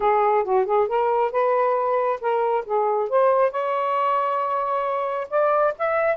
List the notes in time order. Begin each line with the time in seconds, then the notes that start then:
0.00 G#4
0.44 F#4
0.65 G#4
0.88 A#4
1.31 B4
2.20 A#4
2.65 G#4
3.09 C5
3.51 C#5
5.29 D5
5.78 E5